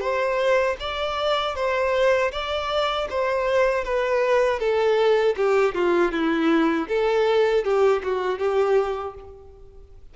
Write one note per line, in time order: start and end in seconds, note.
0.00 0.76 C5
0.79 1.55 D5
1.55 2.31 C5
2.32 3.08 D5
3.09 3.84 C5
3.84 4.59 B4
4.59 5.35 A4
5.36 5.74 G4
5.74 6.11 F4
6.11 6.87 E4
6.88 7.64 A4
7.64 8.02 G4
8.03 8.38 F#4
8.38 9.14 G4